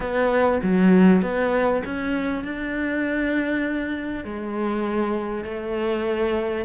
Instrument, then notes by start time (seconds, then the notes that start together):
cello
0.00 B3
0.62 F#3
1.22 B3
1.84 C#4
2.44 D4
4.24 G#3
5.44 A3